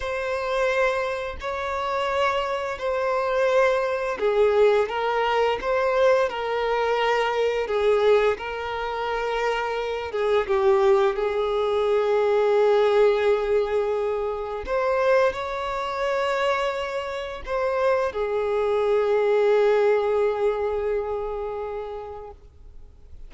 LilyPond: \new Staff \with { instrumentName = "violin" } { \time 4/4 \tempo 4 = 86 c''2 cis''2 | c''2 gis'4 ais'4 | c''4 ais'2 gis'4 | ais'2~ ais'8 gis'8 g'4 |
gis'1~ | gis'4 c''4 cis''2~ | cis''4 c''4 gis'2~ | gis'1 | }